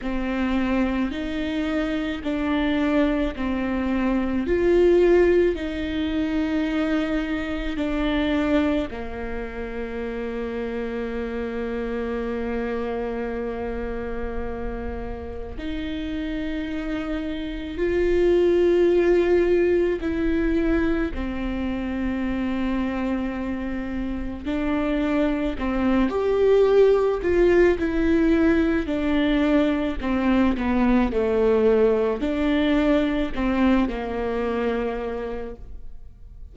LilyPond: \new Staff \with { instrumentName = "viola" } { \time 4/4 \tempo 4 = 54 c'4 dis'4 d'4 c'4 | f'4 dis'2 d'4 | ais1~ | ais2 dis'2 |
f'2 e'4 c'4~ | c'2 d'4 c'8 g'8~ | g'8 f'8 e'4 d'4 c'8 b8 | a4 d'4 c'8 ais4. | }